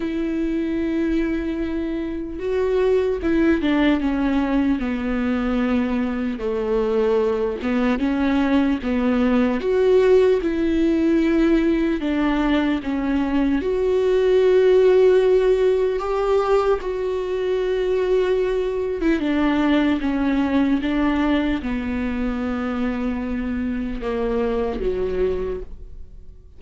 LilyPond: \new Staff \with { instrumentName = "viola" } { \time 4/4 \tempo 4 = 75 e'2. fis'4 | e'8 d'8 cis'4 b2 | a4. b8 cis'4 b4 | fis'4 e'2 d'4 |
cis'4 fis'2. | g'4 fis'2~ fis'8. e'16 | d'4 cis'4 d'4 b4~ | b2 ais4 fis4 | }